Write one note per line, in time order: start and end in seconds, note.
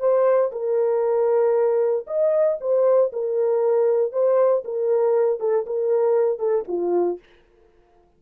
0.00 0.51 C5
0.52 2.06 A#4
2.07 2.58 D#5
2.61 3.12 C5
3.13 4.12 A#4
4.12 4.64 C5
4.65 5.40 A#4
5.40 5.65 A4
5.66 6.39 A#4
6.39 6.65 A4
6.68 7.19 F4